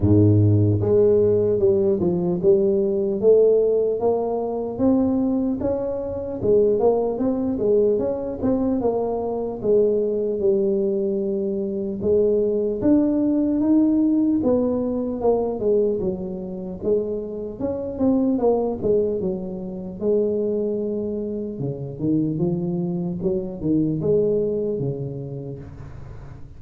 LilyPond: \new Staff \with { instrumentName = "tuba" } { \time 4/4 \tempo 4 = 75 gis,4 gis4 g8 f8 g4 | a4 ais4 c'4 cis'4 | gis8 ais8 c'8 gis8 cis'8 c'8 ais4 | gis4 g2 gis4 |
d'4 dis'4 b4 ais8 gis8 | fis4 gis4 cis'8 c'8 ais8 gis8 | fis4 gis2 cis8 dis8 | f4 fis8 dis8 gis4 cis4 | }